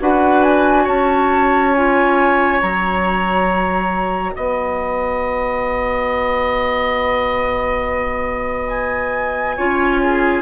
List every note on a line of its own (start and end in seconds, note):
0.00 0.87 D4
0.00 1.74 F#4
0.00 0.83 B4
0.00 0.43 F#5
0.43 0.86 G#5
0.83 2.61 C#4
0.83 4.31 C#5
0.83 1.74 A5
1.74 2.62 F4
1.74 2.61 G#5
2.61 4.36 F#3
2.61 9.57 F#4
2.61 4.34 A#5
4.34 9.58 B3
4.34 9.57 D#5
4.34 8.68 F#5
8.68 10.41 G#5
9.57 10.42 C#4
9.57 10.42 F4
9.57 10.00 C#5
10.03 10.42 G#4